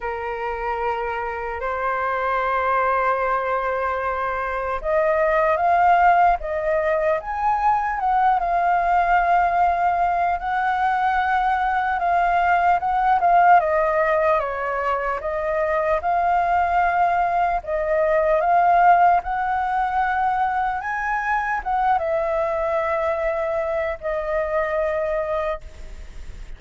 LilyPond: \new Staff \with { instrumentName = "flute" } { \time 4/4 \tempo 4 = 75 ais'2 c''2~ | c''2 dis''4 f''4 | dis''4 gis''4 fis''8 f''4.~ | f''4 fis''2 f''4 |
fis''8 f''8 dis''4 cis''4 dis''4 | f''2 dis''4 f''4 | fis''2 gis''4 fis''8 e''8~ | e''2 dis''2 | }